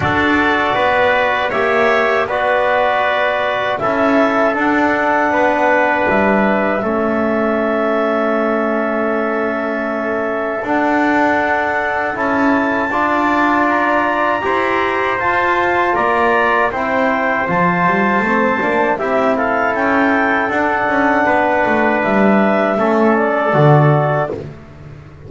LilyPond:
<<
  \new Staff \with { instrumentName = "clarinet" } { \time 4/4 \tempo 4 = 79 d''2 e''4 d''4~ | d''4 e''4 fis''2 | e''1~ | e''2 fis''2 |
a''2 ais''2 | a''4 ais''4 g''4 a''4~ | a''4 e''8 f''8 g''4 fis''4~ | fis''4 e''4. d''4. | }
  \new Staff \with { instrumentName = "trumpet" } { \time 4/4 a'4 b'4 cis''4 b'4~ | b'4 a'2 b'4~ | b'4 a'2.~ | a'1~ |
a'4 d''2 c''4~ | c''4 d''4 c''2~ | c''4 g'8 a'2~ a'8 | b'2 a'2 | }
  \new Staff \with { instrumentName = "trombone" } { \time 4/4 fis'2 g'4 fis'4~ | fis'4 e'4 d'2~ | d'4 cis'2.~ | cis'2 d'2 |
e'4 f'2 g'4 | f'2 e'4 f'4 | c'8 d'8 e'2 d'4~ | d'2 cis'4 fis'4 | }
  \new Staff \with { instrumentName = "double bass" } { \time 4/4 d'4 b4 ais4 b4~ | b4 cis'4 d'4 b4 | g4 a2.~ | a2 d'2 |
cis'4 d'2 e'4 | f'4 ais4 c'4 f8 g8 | a8 ais8 c'4 cis'4 d'8 cis'8 | b8 a8 g4 a4 d4 | }
>>